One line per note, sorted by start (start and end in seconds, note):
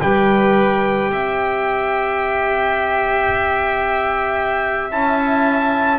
0.00 1.10 G3
0.00 4.91 G4
0.00 1.11 B4
0.00 4.91 G5
1.10 4.92 C4
1.10 5.98 E5
4.91 5.98 C#4
4.91 5.98 E4
4.91 5.98 A5